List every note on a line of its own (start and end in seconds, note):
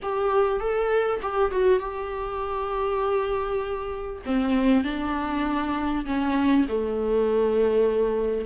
0.02 0.60 G4
0.60 1.20 A4
1.22 1.51 G4
1.51 1.79 F#4
1.79 4.21 G4
4.25 4.84 C4
4.84 6.05 D4
6.05 6.66 C#4
6.68 8.45 A3